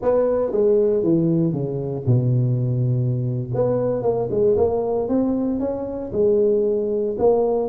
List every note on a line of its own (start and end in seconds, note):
0.02 0.51 B3
0.51 1.03 G#3
1.03 1.52 E3
1.52 2.05 C#3
2.06 3.50 B2
3.54 4.02 B3
4.02 4.28 A#3
4.30 4.56 G#3
4.57 5.08 A#3
5.08 5.59 C4
5.59 6.11 C#4
6.12 7.16 G#3
7.18 7.68 A#3